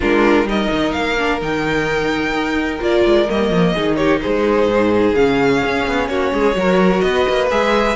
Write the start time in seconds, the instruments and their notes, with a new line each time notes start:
0.00 cello G#3, viola D4, violin F4 A#4
0.44 cello G3, viola D#4, violin A#4 D#5
0.71 cello D#3
0.92 cello A#3, violin F5
1.18 viola D4
1.40 cello D#3, viola D#4, violin G5
2.32 cello D#4
2.80 cello A#3, viola F4, violin D5
3.05 cello G#3
3.28 cello G3, viola A#3, violin D#5
3.49 cello F3
3.73 cello D#3, viola D#4, violin G#4
3.95 violin G4 C#5
4.21 cello G#3, violin G#4 C5
4.66 cello G#2
5.14 cello C#3, viola C#4, violin F5
5.64 cello C#4
5.87 cello B3
6.07 cello A#3, violin F#4 C#5
6.33 cello G#3, violin G#4
6.53 cello F#3, viola F#4
6.59 violin A#4
7.00 cello B3, violin B4 D#5
7.28 cello A#3
7.50 cello G#3, viola G#4, violin E5